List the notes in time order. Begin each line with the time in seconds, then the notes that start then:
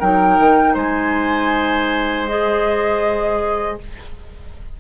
0.00 F#3 D#4 A#4 G5
0.39 D#3
0.74 G#3 C5 G#5
2.27 G#4 D#5